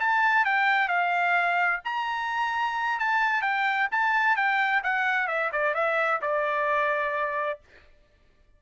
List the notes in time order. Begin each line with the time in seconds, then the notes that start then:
0.00 A5
0.45 G5
0.88 F5
1.85 A#5
3.00 A5
3.42 G5
3.91 A5
4.36 G5
4.84 F#5
5.27 E5
5.52 D5
5.75 E5
6.22 D5